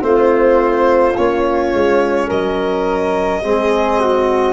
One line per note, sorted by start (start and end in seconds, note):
0.00 1.15 A3
0.00 1.13 C4
0.00 2.27 F4
0.00 1.16 C5
1.16 1.73 A#3
1.16 3.43 C#4
1.16 2.29 C#5
1.73 2.29 G#3
2.27 3.44 F#3
2.27 3.40 A#4
2.27 4.53 D#5
3.43 4.53 G#3
3.43 4.53 C4
3.43 4.00 G#4
4.00 4.53 F#4